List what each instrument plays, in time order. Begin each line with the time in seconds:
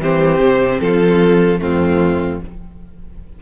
0.00 cello E3, viola C4, violin G4 C5
0.39 cello C3
0.80 cello F3, violin F4 A4
1.59 cello F2, viola A3, violin C4 F4